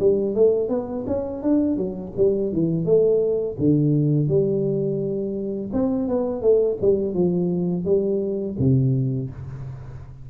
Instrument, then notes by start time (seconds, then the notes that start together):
tuba
0.00 G3
0.35 A3
0.69 B3
1.07 C#4
1.43 D4
1.77 F#3
2.17 G3
2.53 E3
2.86 A3
3.59 D3
4.29 G3
5.73 C4
6.08 B3
6.42 A3
6.82 G3
7.15 F3
7.85 G3
8.59 C3